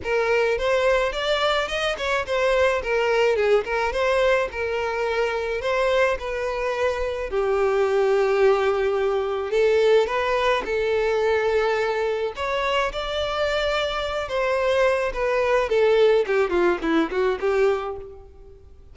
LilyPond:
\new Staff \with { instrumentName = "violin" } { \time 4/4 \tempo 4 = 107 ais'4 c''4 d''4 dis''8 cis''8 | c''4 ais'4 gis'8 ais'8 c''4 | ais'2 c''4 b'4~ | b'4 g'2.~ |
g'4 a'4 b'4 a'4~ | a'2 cis''4 d''4~ | d''4. c''4. b'4 | a'4 g'8 f'8 e'8 fis'8 g'4 | }